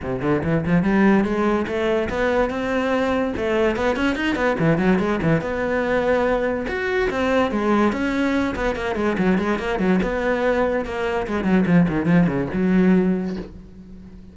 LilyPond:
\new Staff \with { instrumentName = "cello" } { \time 4/4 \tempo 4 = 144 c8 d8 e8 f8 g4 gis4 | a4 b4 c'2 | a4 b8 cis'8 dis'8 b8 e8 fis8 | gis8 e8 b2. |
fis'4 c'4 gis4 cis'4~ | cis'8 b8 ais8 gis8 fis8 gis8 ais8 fis8 | b2 ais4 gis8 fis8 | f8 dis8 f8 cis8 fis2 | }